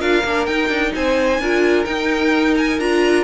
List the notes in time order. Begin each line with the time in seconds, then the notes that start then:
0.00 D4 F4 A#4 F5
0.24 A#3 D4
0.46 D#4 G5
0.69 D4
0.95 C4 C5 G#5
1.39 D4 F4 A#4
1.85 D#4 G5
2.58 G#5
2.79 D4 F4 A#5